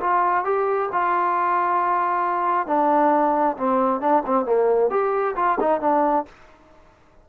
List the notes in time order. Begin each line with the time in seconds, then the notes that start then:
0.00 F4
0.44 G4
0.92 F4
2.67 D4
3.57 C4
4.01 D4
4.26 C4
4.45 A#3
4.90 G4
5.36 F4
5.60 D#4
5.80 D4